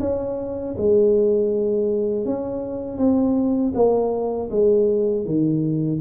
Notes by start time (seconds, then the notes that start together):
0.00 C#4
0.78 G#3
2.25 C#4
2.98 C4
3.74 A#3
4.50 G#3
5.25 D#3